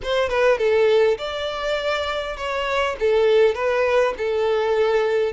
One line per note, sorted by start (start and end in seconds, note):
0.03 0.29 C5
0.29 0.58 B4
0.58 1.17 A4
1.17 2.36 D5
2.36 2.96 C#5
2.99 3.54 A4
3.54 4.14 B4
4.17 5.32 A4